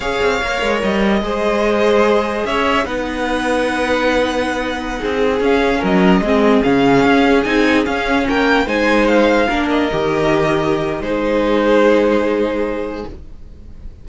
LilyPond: <<
  \new Staff \with { instrumentName = "violin" } { \time 4/4 \tempo 4 = 147 f''2 dis''2~ | dis''2 e''4 fis''4~ | fis''1~ | fis''4~ fis''16 f''4 dis''4.~ dis''16~ |
dis''16 f''2 gis''4 f''8.~ | f''16 g''4 gis''4 f''4. dis''16~ | dis''2. c''4~ | c''1 | }
  \new Staff \with { instrumentName = "violin" } { \time 4/4 cis''2. c''4~ | c''2 cis''4 b'4~ | b'1~ | b'16 gis'2 ais'4 gis'8.~ |
gis'1~ | gis'16 ais'4 c''2 ais'8.~ | ais'2. gis'4~ | gis'1 | }
  \new Staff \with { instrumentName = "viola" } { \time 4/4 gis'4 ais'2 gis'4~ | gis'2. dis'4~ | dis'1~ | dis'4~ dis'16 cis'2 c'8.~ |
c'16 cis'2 dis'4 cis'8.~ | cis'4~ cis'16 dis'2 d'8.~ | d'16 g'2~ g'8. dis'4~ | dis'1 | }
  \new Staff \with { instrumentName = "cello" } { \time 4/4 cis'8 c'8 ais8 gis8 g4 gis4~ | gis2 cis'4 b4~ | b1~ | b16 c'4 cis'4 fis4 gis8.~ |
gis16 cis4 cis'4 c'4 cis'8.~ | cis'16 ais4 gis2 ais8.~ | ais16 dis2~ dis8. gis4~ | gis1 | }
>>